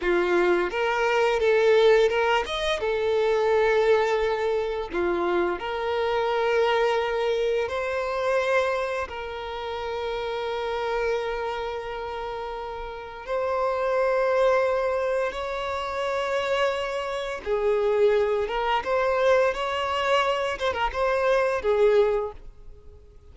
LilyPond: \new Staff \with { instrumentName = "violin" } { \time 4/4 \tempo 4 = 86 f'4 ais'4 a'4 ais'8 dis''8 | a'2. f'4 | ais'2. c''4~ | c''4 ais'2.~ |
ais'2. c''4~ | c''2 cis''2~ | cis''4 gis'4. ais'8 c''4 | cis''4. c''16 ais'16 c''4 gis'4 | }